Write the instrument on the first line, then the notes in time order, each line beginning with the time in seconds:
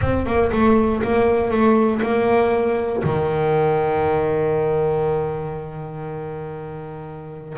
double bass
0.01 C4
0.26 A#3
0.52 A3
1.02 A#3
1.50 A3
2.02 A#3
3.03 D#3